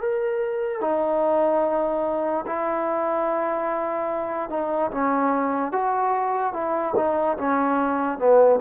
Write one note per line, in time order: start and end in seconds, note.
0.00 0.81 A#4
0.81 2.45 D#4
2.46 4.49 E4
4.49 4.91 D#4
4.91 5.72 C#4
5.72 6.53 F#4
6.53 6.94 E4
6.96 7.37 D#4
7.37 8.19 C#4
8.19 8.60 B3